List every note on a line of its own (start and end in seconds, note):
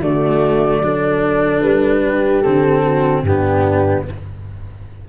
0.00 0.80 D3
0.00 0.83 A3
0.00 0.81 F#4
0.00 1.61 D5
0.80 1.61 F#3
0.80 2.45 D4
0.80 2.03 A4
1.61 2.43 G3
1.61 2.42 B4
2.03 2.83 G4
2.42 3.23 D3
2.42 3.26 C4
2.42 3.23 A4
2.83 3.24 F#4
3.23 4.04 G2
3.23 4.09 B3
3.23 4.08 D4
3.23 4.06 G4